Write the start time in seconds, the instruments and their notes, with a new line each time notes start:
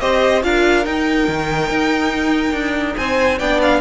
0.00 cello C4, viola G4, violin C5 D#5
0.42 cello D4, viola F4, violin A#4 F5
0.85 cello D#4, viola D#4, violin G5
1.28 cello D#3
1.70 cello D#4
2.53 cello D4
2.97 cello C4, violin C5 G#5
3.38 cello B3, viola D4, violin D5 G5
3.62 violin F5